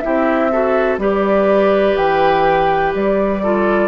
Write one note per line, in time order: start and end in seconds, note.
0.00 0.51 E4
0.00 0.52 G4
0.00 0.97 E5
0.06 0.98 C4
0.52 0.99 F#4
0.52 1.00 A4
0.98 1.95 G3
0.98 3.41 G4
0.98 3.43 B4
0.98 1.97 D5
1.97 2.95 E3
1.97 2.94 G5
2.95 3.89 G3
2.95 3.89 D5
3.43 3.89 F4
3.43 3.89 A4